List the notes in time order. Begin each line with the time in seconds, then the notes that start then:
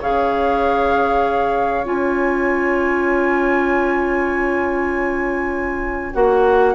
0.00 C#3 G#4 C#5 F5
1.84 C#4 F4 G#5
6.13 A#3 F#4 F#5